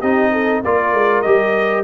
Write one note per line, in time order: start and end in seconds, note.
0.00 0.64 C4
0.00 0.64 D#4
0.00 0.31 G4
0.00 0.62 D#5
0.32 0.63 A4
0.64 0.93 A#3
0.64 1.25 F4
0.64 1.84 A#4
0.64 1.22 D5
0.93 1.24 G#3
1.22 1.84 G3
1.22 1.84 G4
1.22 1.83 D#5